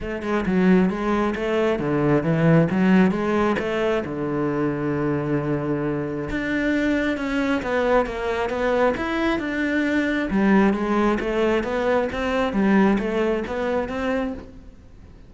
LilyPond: \new Staff \with { instrumentName = "cello" } { \time 4/4 \tempo 4 = 134 a8 gis8 fis4 gis4 a4 | d4 e4 fis4 gis4 | a4 d2.~ | d2 d'2 |
cis'4 b4 ais4 b4 | e'4 d'2 g4 | gis4 a4 b4 c'4 | g4 a4 b4 c'4 | }